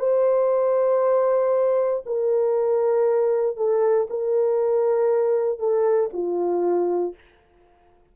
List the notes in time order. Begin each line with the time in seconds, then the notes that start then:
0.00 C5
2.06 A#4
3.57 A4
4.10 A#4
5.59 A4
6.13 F4